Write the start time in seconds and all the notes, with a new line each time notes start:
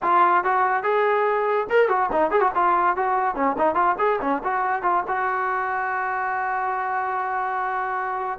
0.02 F4
0.44 F#4
0.83 G#4
1.69 A#4
1.88 F#4
2.12 D#4
2.31 G#4
2.40 F#4
2.54 F4
2.96 F#4
3.35 C#4
3.58 D#4
3.74 F4
3.98 G#4
4.21 C#4
4.43 F#4
4.82 F4
5.07 F#4